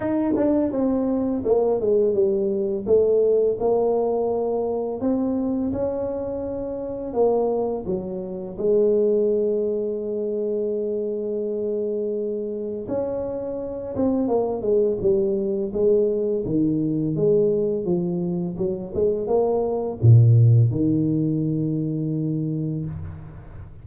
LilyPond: \new Staff \with { instrumentName = "tuba" } { \time 4/4 \tempo 4 = 84 dis'8 d'8 c'4 ais8 gis8 g4 | a4 ais2 c'4 | cis'2 ais4 fis4 | gis1~ |
gis2 cis'4. c'8 | ais8 gis8 g4 gis4 dis4 | gis4 f4 fis8 gis8 ais4 | ais,4 dis2. | }